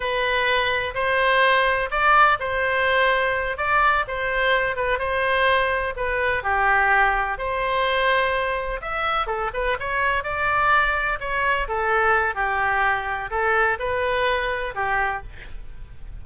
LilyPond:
\new Staff \with { instrumentName = "oboe" } { \time 4/4 \tempo 4 = 126 b'2 c''2 | d''4 c''2~ c''8 d''8~ | d''8 c''4. b'8 c''4.~ | c''8 b'4 g'2 c''8~ |
c''2~ c''8 e''4 a'8 | b'8 cis''4 d''2 cis''8~ | cis''8 a'4. g'2 | a'4 b'2 g'4 | }